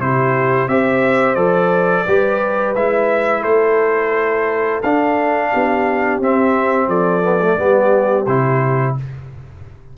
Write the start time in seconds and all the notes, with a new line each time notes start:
0.00 C3 E4 G4 C5
0.68 C4 G4 C5 E5
1.35 F3 A4 D5
2.06 G3 G4 B4
2.75 G#3 E4 E5
3.42 A3 A4 C5
4.83 D4 F5
5.52 B3 G4
6.19 C4 E5
6.88 F3 A4 D5
7.23 B3
7.42 A3
7.57 G3 B3 G4
8.26 C3 E4 C5